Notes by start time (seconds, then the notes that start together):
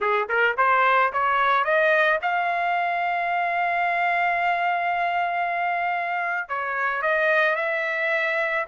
0.01 G#4
0.29 A#4
0.57 C5
1.12 C#5
1.64 D#5
2.22 F5
6.49 C#5
7.02 D#5
7.55 E5